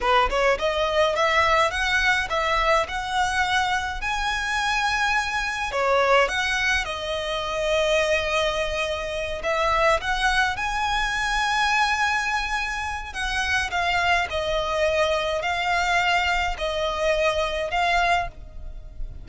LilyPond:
\new Staff \with { instrumentName = "violin" } { \time 4/4 \tempo 4 = 105 b'8 cis''8 dis''4 e''4 fis''4 | e''4 fis''2 gis''4~ | gis''2 cis''4 fis''4 | dis''1~ |
dis''8 e''4 fis''4 gis''4.~ | gis''2. fis''4 | f''4 dis''2 f''4~ | f''4 dis''2 f''4 | }